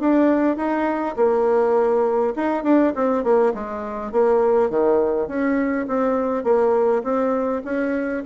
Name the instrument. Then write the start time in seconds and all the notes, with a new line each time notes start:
bassoon
0.00 D4
0.57 D#4
1.16 A#3
2.36 D#4
2.64 D4
2.96 C4
3.24 A#3
3.55 G#3
4.12 A#3
4.70 D#3
5.28 C#4
5.88 C4
6.44 A#3
7.04 C4
7.65 C#4